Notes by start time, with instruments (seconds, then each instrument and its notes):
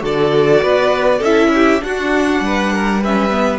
0.00 cello D3, viola F#4, violin A4 D5
0.63 cello B3, violin B4
1.18 cello C#4, violin A4 E5
1.25 viola E4
1.54 violin G4
1.81 viola D4, cello D4, violin F#4 F#5
2.40 cello G3, violin B4
2.73 violin A#4
3.01 viola C#4, violin B4 E5
3.31 viola B3